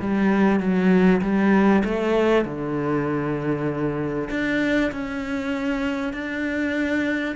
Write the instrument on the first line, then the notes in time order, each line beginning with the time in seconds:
cello
0.00 G3
0.60 F#3
1.22 G3
1.85 A3
2.45 D3
4.30 D4
4.92 C#4
6.13 D4